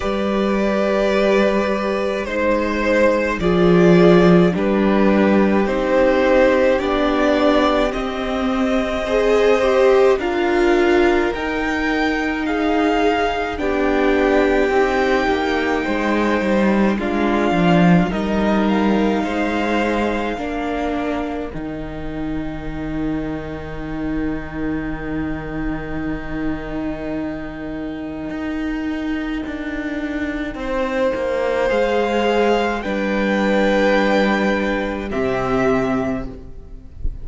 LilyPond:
<<
  \new Staff \with { instrumentName = "violin" } { \time 4/4 \tempo 4 = 53 d''2 c''4 d''4 | b'4 c''4 d''4 dis''4~ | dis''4 f''4 g''4 f''4 | g''2. f''4 |
dis''8 f''2~ f''8 g''4~ | g''1~ | g''1 | f''4 g''2 e''4 | }
  \new Staff \with { instrumentName = "violin" } { \time 4/4 b'2 c''4 gis'4 | g'1 | c''4 ais'2 gis'4 | g'2 c''4 f'4 |
ais'4 c''4 ais'2~ | ais'1~ | ais'2. c''4~ | c''4 b'2 g'4 | }
  \new Staff \with { instrumentName = "viola" } { \time 4/4 g'2 dis'4 f'4 | d'4 dis'4 d'4 c'4 | gis'8 g'8 f'4 dis'2 | d'4 dis'2 d'4 |
dis'2 d'4 dis'4~ | dis'1~ | dis'1 | gis'4 d'2 c'4 | }
  \new Staff \with { instrumentName = "cello" } { \time 4/4 g2 gis4 f4 | g4 c'4 b4 c'4~ | c'4 d'4 dis'2 | b4 c'8 ais8 gis8 g8 gis8 f8 |
g4 gis4 ais4 dis4~ | dis1~ | dis4 dis'4 d'4 c'8 ais8 | gis4 g2 c4 | }
>>